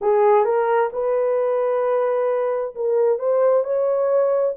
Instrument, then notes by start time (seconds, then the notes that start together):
horn
0.01 G#4
0.44 A#4
0.93 B4
2.75 A#4
3.18 C5
3.64 C#5